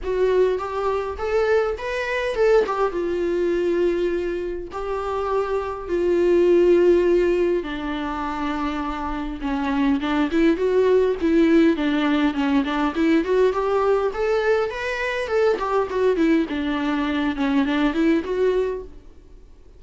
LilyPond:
\new Staff \with { instrumentName = "viola" } { \time 4/4 \tempo 4 = 102 fis'4 g'4 a'4 b'4 | a'8 g'8 f'2. | g'2 f'2~ | f'4 d'2. |
cis'4 d'8 e'8 fis'4 e'4 | d'4 cis'8 d'8 e'8 fis'8 g'4 | a'4 b'4 a'8 g'8 fis'8 e'8 | d'4. cis'8 d'8 e'8 fis'4 | }